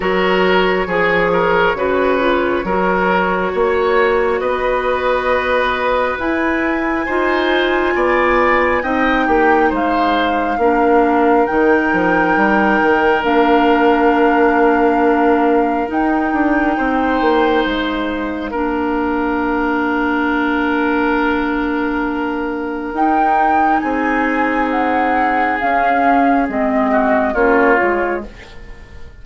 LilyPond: <<
  \new Staff \with { instrumentName = "flute" } { \time 4/4 \tempo 4 = 68 cis''1~ | cis''4 dis''2 gis''4~ | gis''2 g''4 f''4~ | f''4 g''2 f''4~ |
f''2 g''2 | f''1~ | f''2 g''4 gis''4 | fis''4 f''4 dis''4 cis''4 | }
  \new Staff \with { instrumentName = "oboe" } { \time 4/4 ais'4 gis'8 ais'8 b'4 ais'4 | cis''4 b'2. | c''4 d''4 dis''8 g'8 c''4 | ais'1~ |
ais'2. c''4~ | c''4 ais'2.~ | ais'2. gis'4~ | gis'2~ gis'8 fis'8 f'4 | }
  \new Staff \with { instrumentName = "clarinet" } { \time 4/4 fis'4 gis'4 fis'8 f'8 fis'4~ | fis'2. e'4 | f'2 dis'2 | d'4 dis'2 d'4~ |
d'2 dis'2~ | dis'4 d'2.~ | d'2 dis'2~ | dis'4 cis'4 c'4 cis'8 f'8 | }
  \new Staff \with { instrumentName = "bassoon" } { \time 4/4 fis4 f4 cis4 fis4 | ais4 b2 e'4 | dis'4 b4 c'8 ais8 gis4 | ais4 dis8 f8 g8 dis8 ais4~ |
ais2 dis'8 d'8 c'8 ais8 | gis4 ais2.~ | ais2 dis'4 c'4~ | c'4 cis'4 gis4 ais8 gis8 | }
>>